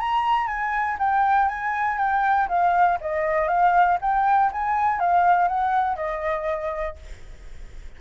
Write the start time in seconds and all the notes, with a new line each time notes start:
0.00 A#5
0.47 G#5
0.99 G5
1.48 G#5
1.98 G5
2.48 F5
3.01 D#5
3.48 F5
4.01 G5
4.52 G#5
5.00 F5
5.48 F#5
5.96 D#5